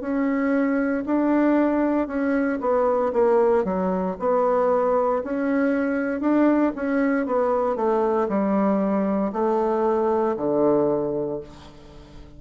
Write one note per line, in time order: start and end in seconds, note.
0.00 1.03 C#4
1.05 2.07 D4
2.07 2.59 C#4
2.60 3.12 B3
3.12 3.64 A#3
3.64 4.16 F#3
4.19 5.22 B3
5.23 6.20 C#4
6.20 6.72 D4
6.75 7.26 C#4
7.26 7.75 B3
7.75 8.27 A3
8.28 9.32 G3
9.32 10.35 A3
10.36 11.40 D3